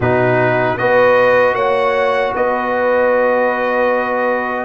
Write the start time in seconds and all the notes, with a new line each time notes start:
0.00 B2 D#4 F#4 B4
0.77 B3 F#4 B4 D#5
1.53 A#3 C#5 F#5
2.34 B3 B4 D#5